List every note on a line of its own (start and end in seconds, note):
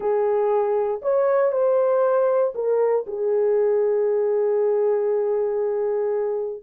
0.00 1.01 G#4
1.02 1.52 C#5
1.52 2.53 C5
2.54 3.05 A#4
3.06 6.62 G#4